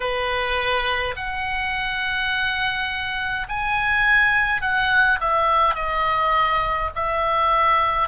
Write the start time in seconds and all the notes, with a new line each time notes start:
0.00 B4
1.15 F#5
3.48 G#5
4.61 F#5
5.20 E5
5.74 D#5
6.95 E5